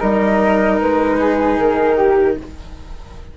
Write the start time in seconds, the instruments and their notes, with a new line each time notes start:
0.00 bassoon G3, cello D#4, flute A#4 D#5
0.81 bassoon G#3, flute B4
1.19 flute G#4
1.59 bassoon D#3, flute A#4
1.96 flute G4